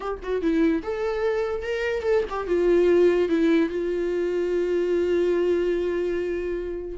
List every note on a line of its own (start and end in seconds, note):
0.00 0.19 G4
0.22 0.41 F#4
0.41 0.82 E4
0.82 1.62 A4
1.62 2.02 A#4
2.02 2.23 A4
2.29 2.46 G4
2.46 3.29 F4
3.29 3.69 E4
3.69 6.98 F4